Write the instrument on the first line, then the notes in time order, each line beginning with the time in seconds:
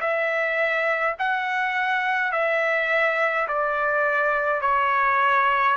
trumpet
0.00 E5
1.19 F#5
2.32 E5
3.48 D5
4.61 C#5